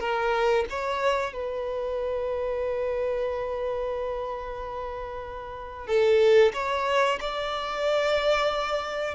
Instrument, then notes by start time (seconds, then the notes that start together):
violin
0.00 A#4
0.70 C#5
1.33 B4
5.88 A4
6.54 C#5
7.20 D5